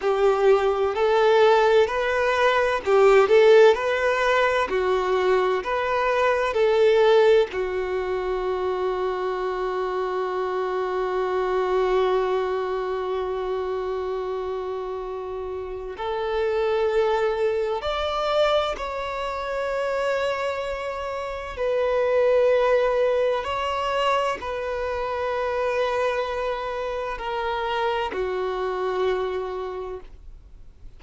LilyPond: \new Staff \with { instrumentName = "violin" } { \time 4/4 \tempo 4 = 64 g'4 a'4 b'4 g'8 a'8 | b'4 fis'4 b'4 a'4 | fis'1~ | fis'1~ |
fis'4 a'2 d''4 | cis''2. b'4~ | b'4 cis''4 b'2~ | b'4 ais'4 fis'2 | }